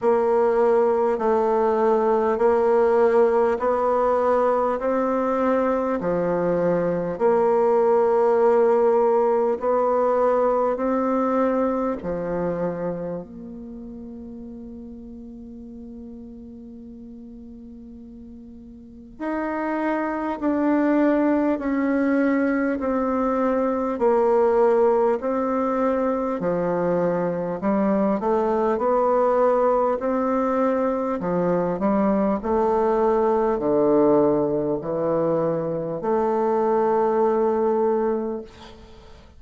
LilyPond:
\new Staff \with { instrumentName = "bassoon" } { \time 4/4 \tempo 4 = 50 ais4 a4 ais4 b4 | c'4 f4 ais2 | b4 c'4 f4 ais4~ | ais1 |
dis'4 d'4 cis'4 c'4 | ais4 c'4 f4 g8 a8 | b4 c'4 f8 g8 a4 | d4 e4 a2 | }